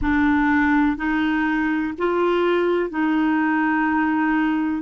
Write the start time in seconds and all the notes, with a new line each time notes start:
0.01 D4
0.96 D#4
1.98 F4
2.89 D#4